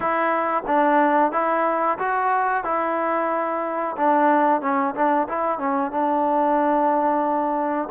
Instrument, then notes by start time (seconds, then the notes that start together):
trombone
0.00 E4
0.66 D4
1.32 E4
1.98 F#4
2.64 E4
3.97 D4
4.61 C#4
4.94 D4
5.28 E4
5.58 C#4
5.91 D4